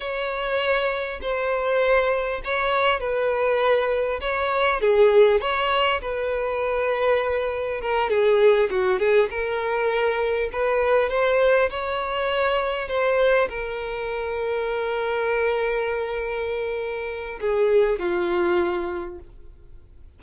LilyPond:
\new Staff \with { instrumentName = "violin" } { \time 4/4 \tempo 4 = 100 cis''2 c''2 | cis''4 b'2 cis''4 | gis'4 cis''4 b'2~ | b'4 ais'8 gis'4 fis'8 gis'8 ais'8~ |
ais'4. b'4 c''4 cis''8~ | cis''4. c''4 ais'4.~ | ais'1~ | ais'4 gis'4 f'2 | }